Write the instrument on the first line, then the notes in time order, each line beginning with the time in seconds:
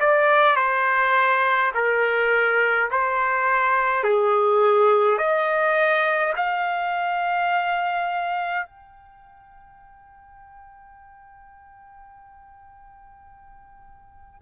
trumpet
0.00 D5
0.56 C5
1.74 A#4
2.91 C5
4.03 G#4
5.18 D#5
6.36 F5
8.66 G5